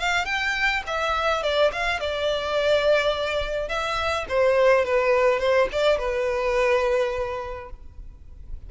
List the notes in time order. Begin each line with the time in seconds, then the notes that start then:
0.00 F5
0.26 G5
0.87 E5
1.43 D5
1.73 F5
2.01 D5
3.69 E5
4.29 C5
4.85 B4
5.40 C5
5.72 D5
5.99 B4